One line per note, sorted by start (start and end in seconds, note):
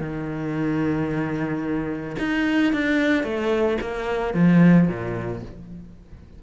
0.00 2.16 D#3
2.19 2.73 D#4
2.73 3.23 D4
3.23 3.77 A3
3.81 4.34 A#3
4.34 4.88 F3
4.88 5.42 A#2